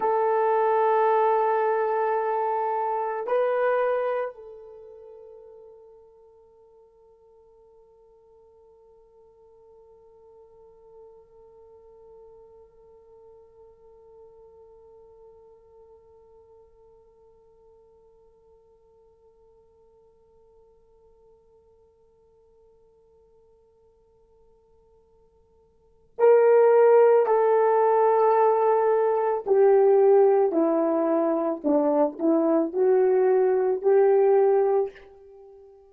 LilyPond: \new Staff \with { instrumentName = "horn" } { \time 4/4 \tempo 4 = 55 a'2. b'4 | a'1~ | a'1~ | a'1~ |
a'1~ | a'1 | ais'4 a'2 g'4 | e'4 d'8 e'8 fis'4 g'4 | }